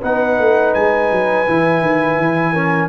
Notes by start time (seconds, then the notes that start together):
0.00 B3 D#4 B4 F#5
0.38 A3
0.73 G#3 G#5
1.11 F#3
1.47 E3 E4
1.81 D#3
2.17 E3
2.53 C#4 A#4